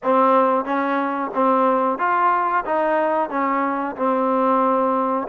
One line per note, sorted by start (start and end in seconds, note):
0.03 0.64 C4
0.64 1.30 C#4
1.34 1.98 C4
1.98 2.64 F4
2.65 3.29 D#4
3.29 3.95 C#4
3.96 5.27 C4